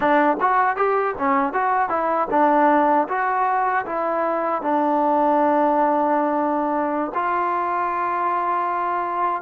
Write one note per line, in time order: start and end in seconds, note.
0.00 0.37 D4
0.40 0.76 F#4
0.76 1.14 G4
1.17 1.53 C#4
1.53 1.89 F#4
1.89 2.27 E4
2.30 3.07 D4
3.08 3.85 F#4
3.85 4.62 E4
4.62 7.12 D4
7.14 9.42 F4